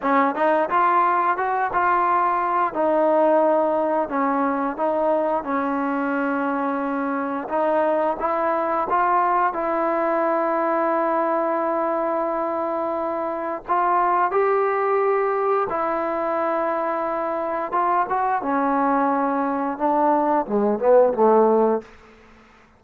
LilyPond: \new Staff \with { instrumentName = "trombone" } { \time 4/4 \tempo 4 = 88 cis'8 dis'8 f'4 fis'8 f'4. | dis'2 cis'4 dis'4 | cis'2. dis'4 | e'4 f'4 e'2~ |
e'1 | f'4 g'2 e'4~ | e'2 f'8 fis'8 cis'4~ | cis'4 d'4 gis8 b8 a4 | }